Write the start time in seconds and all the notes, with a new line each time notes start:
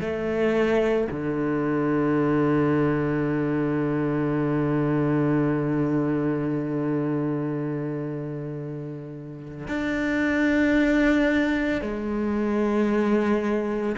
0.00 A3
1.11 D3
9.67 D4
11.81 G#3